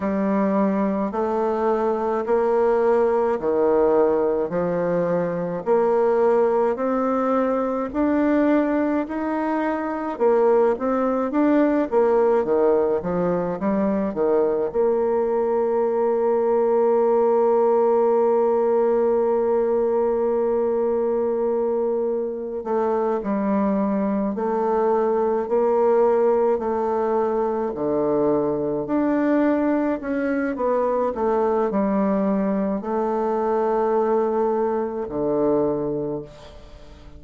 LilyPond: \new Staff \with { instrumentName = "bassoon" } { \time 4/4 \tempo 4 = 53 g4 a4 ais4 dis4 | f4 ais4 c'4 d'4 | dis'4 ais8 c'8 d'8 ais8 dis8 f8 | g8 dis8 ais2.~ |
ais1 | a8 g4 a4 ais4 a8~ | a8 d4 d'4 cis'8 b8 a8 | g4 a2 d4 | }